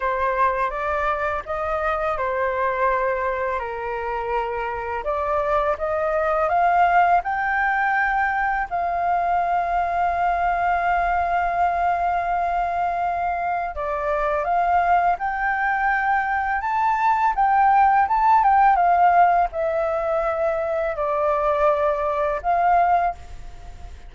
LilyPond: \new Staff \with { instrumentName = "flute" } { \time 4/4 \tempo 4 = 83 c''4 d''4 dis''4 c''4~ | c''4 ais'2 d''4 | dis''4 f''4 g''2 | f''1~ |
f''2. d''4 | f''4 g''2 a''4 | g''4 a''8 g''8 f''4 e''4~ | e''4 d''2 f''4 | }